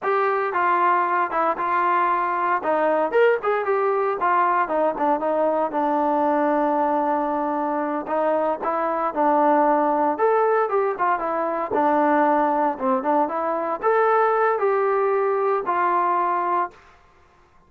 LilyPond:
\new Staff \with { instrumentName = "trombone" } { \time 4/4 \tempo 4 = 115 g'4 f'4. e'8 f'4~ | f'4 dis'4 ais'8 gis'8 g'4 | f'4 dis'8 d'8 dis'4 d'4~ | d'2.~ d'8 dis'8~ |
dis'8 e'4 d'2 a'8~ | a'8 g'8 f'8 e'4 d'4.~ | d'8 c'8 d'8 e'4 a'4. | g'2 f'2 | }